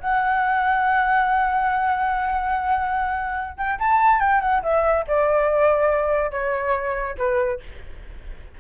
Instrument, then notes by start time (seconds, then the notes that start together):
flute
0.00 F#5
3.58 G5
3.79 A5
4.20 G5
4.41 F#5
4.63 E5
5.08 D5
6.31 C#5
7.18 B4